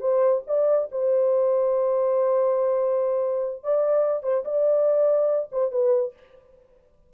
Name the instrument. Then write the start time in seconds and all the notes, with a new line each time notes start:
horn
0.00 C5
0.47 D5
0.91 C5
3.63 D5
4.23 C5
4.44 D5
5.52 C5
5.71 B4